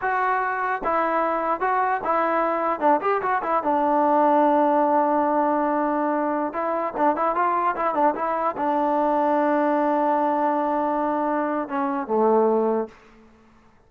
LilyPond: \new Staff \with { instrumentName = "trombone" } { \time 4/4 \tempo 4 = 149 fis'2 e'2 | fis'4 e'2 d'8 g'8 | fis'8 e'8 d'2.~ | d'1~ |
d'16 e'4 d'8 e'8 f'4 e'8 d'16~ | d'16 e'4 d'2~ d'8.~ | d'1~ | d'4 cis'4 a2 | }